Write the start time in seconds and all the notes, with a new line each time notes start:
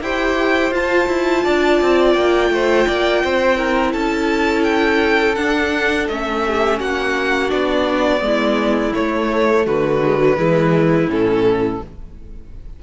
0.00 E4 G4 C5 G5
0.71 F4 A5
1.07 E4
1.44 D4 D5
1.81 C4
2.13 A#3 G5
2.50 A3 C5
2.87 A#3 D5
3.24 C4 C5
3.56 E4 A#4
3.92 C#4 A4 A5
4.63 G5
5.35 D4 F#5
6.08 A3 C#4 E5
6.46 G4
6.79 A#3 F#4 F#5
7.48 B3 D4 D5
8.18 G#3 B3
8.26 E4
8.94 A3 C#5
9.65 D3 F#4 B4
10.03 G#3
10.18 F#3
10.36 E3 G#3 E4
11.06 A2 C#4 A4